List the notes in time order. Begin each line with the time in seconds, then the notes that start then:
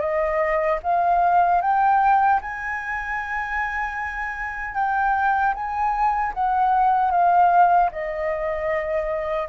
0.00 D#5
0.83 F5
1.61 G5
2.42 G#5
4.75 G5
5.54 G#5
6.34 F#5
7.11 F5
7.92 D#5